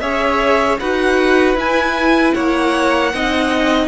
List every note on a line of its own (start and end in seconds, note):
0.00 0.79 C#4
0.00 0.78 G#4
0.00 0.79 C#5
0.00 0.78 E5
0.79 1.55 D#4
0.79 1.56 F#4
0.79 2.34 B4
0.79 1.57 F#5
1.55 2.32 E4
1.55 3.12 E4
1.55 2.34 G#5
2.34 3.13 A#3
2.34 3.12 C#5
2.34 3.87 F#5
3.13 3.87 C4
3.13 3.87 D#4
3.13 3.87 D#5